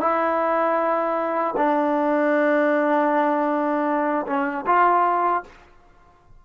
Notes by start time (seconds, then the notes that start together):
0.00 E4
1.57 D4
4.27 C#4
4.66 F4